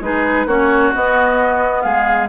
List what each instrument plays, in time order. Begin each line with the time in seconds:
0.00 bassoon G#3, clarinet D#4, oboe G#4, flute B4
0.45 bassoon A#3, clarinet C#4, oboe F#4, flute C#5
0.93 clarinet B3, bassoon B3, flute D#5
1.82 bassoon G#3, oboe G#4, flute F5